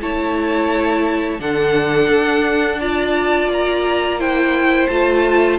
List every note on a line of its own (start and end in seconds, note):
0.00 1.40 A3
0.00 1.39 E4
0.00 1.40 C#5
0.00 1.40 A5
1.39 2.08 D3
1.39 2.79 D4
1.39 2.80 A4
1.39 2.80 F#5
2.08 3.47 D4
2.80 4.19 F4
2.80 4.19 D5
2.80 3.49 A5
3.47 4.86 A#3
3.47 4.20 A#5
4.19 4.89 E4
4.19 5.58 C5
4.19 4.87 G5
4.87 5.58 A3
4.87 5.58 F4
4.87 5.56 A5